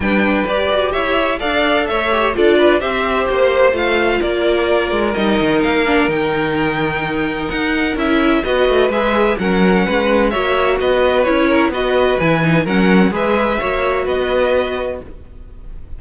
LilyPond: <<
  \new Staff \with { instrumentName = "violin" } { \time 4/4 \tempo 4 = 128 g''4 d''4 e''4 f''4 | e''4 d''4 e''4 c''4 | f''4 d''2 dis''4 | f''4 g''2. |
fis''4 e''4 dis''4 e''4 | fis''2 e''4 dis''4 | cis''4 dis''4 gis''4 fis''4 | e''2 dis''2 | }
  \new Staff \with { instrumentName = "violin" } { \time 4/4 b'2 cis''4 d''4 | cis''4 a'8 b'8 c''2~ | c''4 ais'2.~ | ais'1~ |
ais'2 b'2 | ais'4 b'4 cis''4 b'4~ | b'8 ais'8 b'2 ais'4 | b'4 cis''4 b'2 | }
  \new Staff \with { instrumentName = "viola" } { \time 4/4 d'4 g'2 a'4~ | a'8 g'8 f'4 g'2 | f'2. dis'4~ | dis'8 d'8 dis'2.~ |
dis'4 e'4 fis'4 gis'4 | cis'2 fis'2 | e'4 fis'4 e'8 dis'8 cis'4 | gis'4 fis'2. | }
  \new Staff \with { instrumentName = "cello" } { \time 4/4 g4 g'8 fis'8 e'4 d'4 | a4 d'4 c'4 ais4 | a4 ais4. gis8 g8 dis8 | ais4 dis2. |
dis'4 cis'4 b8 a8 gis4 | fis4 gis4 ais4 b4 | cis'4 b4 e4 fis4 | gis4 ais4 b2 | }
>>